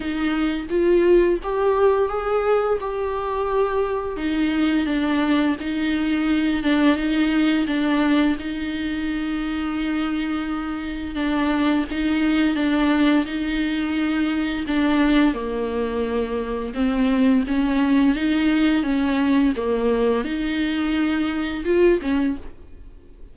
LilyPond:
\new Staff \with { instrumentName = "viola" } { \time 4/4 \tempo 4 = 86 dis'4 f'4 g'4 gis'4 | g'2 dis'4 d'4 | dis'4. d'8 dis'4 d'4 | dis'1 |
d'4 dis'4 d'4 dis'4~ | dis'4 d'4 ais2 | c'4 cis'4 dis'4 cis'4 | ais4 dis'2 f'8 cis'8 | }